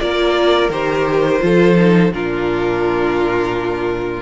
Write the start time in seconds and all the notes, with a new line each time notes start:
0.00 A#3 F4 A#4 D5
0.70 D#3 G4 C5
1.40 F3 F4 A4
1.77 D#4
2.13 A#2 D4 F4 A#4